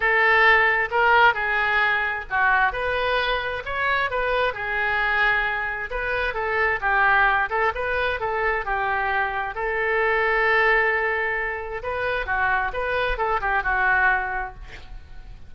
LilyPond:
\new Staff \with { instrumentName = "oboe" } { \time 4/4 \tempo 4 = 132 a'2 ais'4 gis'4~ | gis'4 fis'4 b'2 | cis''4 b'4 gis'2~ | gis'4 b'4 a'4 g'4~ |
g'8 a'8 b'4 a'4 g'4~ | g'4 a'2.~ | a'2 b'4 fis'4 | b'4 a'8 g'8 fis'2 | }